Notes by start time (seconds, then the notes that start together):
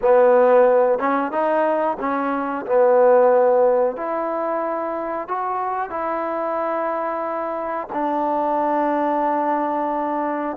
0.01 B3
0.98 C#4
1.31 D#4
1.99 C#4
2.66 B3
3.96 E4
5.28 F#4
5.90 E4
7.93 D4